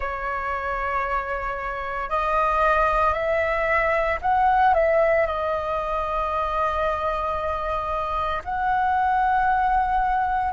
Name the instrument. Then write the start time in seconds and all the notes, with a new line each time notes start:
flute
0.00 C#5
2.09 D#5
3.13 E5
4.21 F#5
4.74 E5
5.26 D#5
8.44 F#5